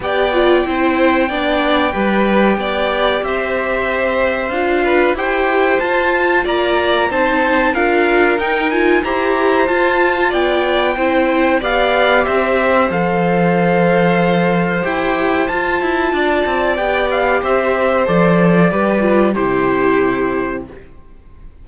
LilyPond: <<
  \new Staff \with { instrumentName = "trumpet" } { \time 4/4 \tempo 4 = 93 g''1~ | g''4 e''2 f''4 | g''4 a''4 ais''4 a''4 | f''4 g''8 gis''8 ais''4 a''4 |
g''2 f''4 e''4 | f''2. g''4 | a''2 g''8 f''8 e''4 | d''2 c''2 | }
  \new Staff \with { instrumentName = "violin" } { \time 4/4 d''4 c''4 d''4 b'4 | d''4 c''2~ c''8 b'8 | c''2 d''4 c''4 | ais'2 c''2 |
d''4 c''4 d''4 c''4~ | c''1~ | c''4 d''2 c''4~ | c''4 b'4 g'2 | }
  \new Staff \with { instrumentName = "viola" } { \time 4/4 g'8 f'8 e'4 d'4 g'4~ | g'2. f'4 | g'4 f'2 dis'4 | f'4 dis'8 f'8 g'4 f'4~ |
f'4 e'4 g'2 | a'2. g'4 | f'2 g'2 | a'4 g'8 f'8 e'2 | }
  \new Staff \with { instrumentName = "cello" } { \time 4/4 b4 c'4 b4 g4 | b4 c'2 d'4 | e'4 f'4 ais4 c'4 | d'4 dis'4 e'4 f'4 |
b4 c'4 b4 c'4 | f2. e'4 | f'8 e'8 d'8 c'8 b4 c'4 | f4 g4 c2 | }
>>